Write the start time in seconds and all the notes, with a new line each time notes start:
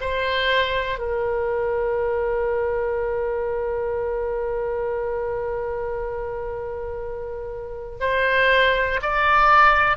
0.00 C5
0.99 A#4
8.00 C5
9.02 D5